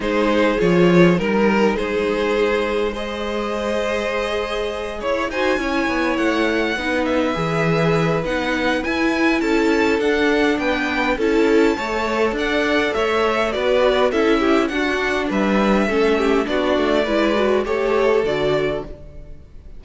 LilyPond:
<<
  \new Staff \with { instrumentName = "violin" } { \time 4/4 \tempo 4 = 102 c''4 cis''4 ais'4 c''4~ | c''4 dis''2.~ | dis''8 cis''8 gis''4. fis''4. | e''2 fis''4 gis''4 |
a''4 fis''4 g''4 a''4~ | a''4 fis''4 e''4 d''4 | e''4 fis''4 e''2 | d''2 cis''4 d''4 | }
  \new Staff \with { instrumentName = "violin" } { \time 4/4 gis'2 ais'4 gis'4~ | gis'4 c''2.~ | c''8 cis''8 c''8 cis''2 b'8~ | b'1 |
a'2 b'4 a'4 | cis''4 d''4 cis''4 b'4 | a'8 g'8 fis'4 b'4 a'8 g'8 | fis'4 b'4 a'2 | }
  \new Staff \with { instrumentName = "viola" } { \time 4/4 dis'4 f'4 dis'2~ | dis'4 gis'2.~ | gis'4 fis'8 e'2 dis'8~ | dis'8 gis'4. dis'4 e'4~ |
e'4 d'2 e'4 | a'2. fis'4 | e'4 d'2 cis'4 | d'4 e'8 fis'8 g'4 fis'4 | }
  \new Staff \with { instrumentName = "cello" } { \time 4/4 gis4 f4 g4 gis4~ | gis1~ | gis8 e'8 dis'8 cis'8 b8 a4 b8~ | b8 e4. b4 e'4 |
cis'4 d'4 b4 cis'4 | a4 d'4 a4 b4 | cis'4 d'4 g4 a4 | b8 a8 gis4 a4 d4 | }
>>